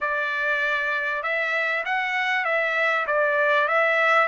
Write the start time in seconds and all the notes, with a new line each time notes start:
0.00 D5
1.22 E5
1.85 F#5
2.45 E5
3.06 D5
3.68 E5